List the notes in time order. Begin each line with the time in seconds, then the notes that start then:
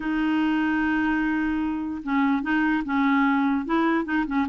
0.00 D#4
2.03 C#4
2.42 D#4
2.84 C#4
3.65 E4
4.04 D#4
4.26 C#4